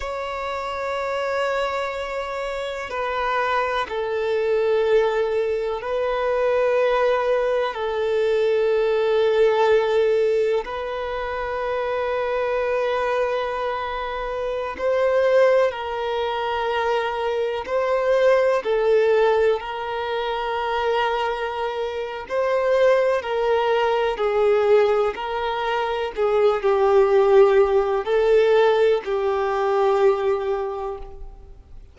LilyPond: \new Staff \with { instrumentName = "violin" } { \time 4/4 \tempo 4 = 62 cis''2. b'4 | a'2 b'2 | a'2. b'4~ | b'2.~ b'16 c''8.~ |
c''16 ais'2 c''4 a'8.~ | a'16 ais'2~ ais'8. c''4 | ais'4 gis'4 ais'4 gis'8 g'8~ | g'4 a'4 g'2 | }